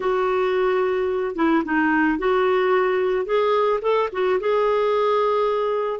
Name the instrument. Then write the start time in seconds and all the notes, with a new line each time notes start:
clarinet
0.00 F#4
1.35 E4
1.65 D#4
2.18 F#4
3.25 G#4
3.81 A4
4.12 F#4
4.40 G#4